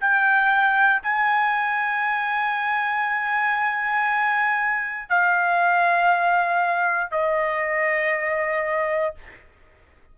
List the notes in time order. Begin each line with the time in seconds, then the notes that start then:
0.00 G5
1.03 G#5
5.09 F5
7.11 D#5